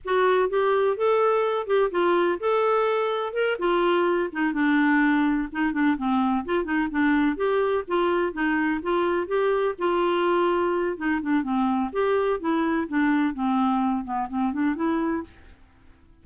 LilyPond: \new Staff \with { instrumentName = "clarinet" } { \time 4/4 \tempo 4 = 126 fis'4 g'4 a'4. g'8 | f'4 a'2 ais'8 f'8~ | f'4 dis'8 d'2 dis'8 | d'8 c'4 f'8 dis'8 d'4 g'8~ |
g'8 f'4 dis'4 f'4 g'8~ | g'8 f'2~ f'8 dis'8 d'8 | c'4 g'4 e'4 d'4 | c'4. b8 c'8 d'8 e'4 | }